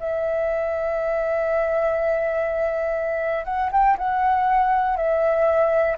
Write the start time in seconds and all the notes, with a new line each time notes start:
0.00 E5
3.45 F#5
3.72 G5
3.98 F#5
4.97 E5